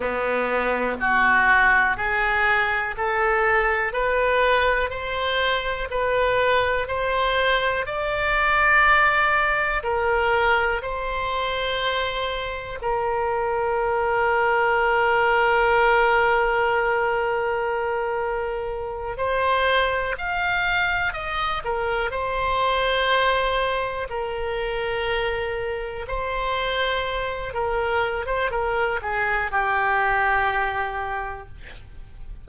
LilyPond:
\new Staff \with { instrumentName = "oboe" } { \time 4/4 \tempo 4 = 61 b4 fis'4 gis'4 a'4 | b'4 c''4 b'4 c''4 | d''2 ais'4 c''4~ | c''4 ais'2.~ |
ais'2.~ ais'8 c''8~ | c''8 f''4 dis''8 ais'8 c''4.~ | c''8 ais'2 c''4. | ais'8. c''16 ais'8 gis'8 g'2 | }